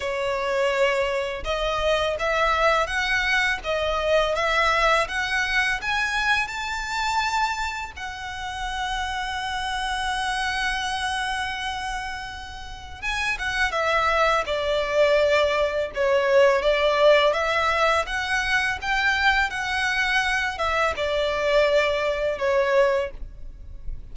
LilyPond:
\new Staff \with { instrumentName = "violin" } { \time 4/4 \tempo 4 = 83 cis''2 dis''4 e''4 | fis''4 dis''4 e''4 fis''4 | gis''4 a''2 fis''4~ | fis''1~ |
fis''2 gis''8 fis''8 e''4 | d''2 cis''4 d''4 | e''4 fis''4 g''4 fis''4~ | fis''8 e''8 d''2 cis''4 | }